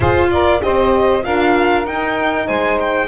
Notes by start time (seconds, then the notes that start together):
0.00 F4 G#4 C5
0.30 A#4 D5
0.60 C4 G4 C5 D#5
1.22 D4 F4 A#4 F5
1.84 D#4 G5
2.47 G#3 C5 G#5
2.80 G5